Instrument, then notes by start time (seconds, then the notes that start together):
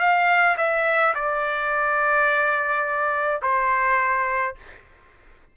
trumpet
0.00 F5
0.58 E5
1.15 D5
3.42 C5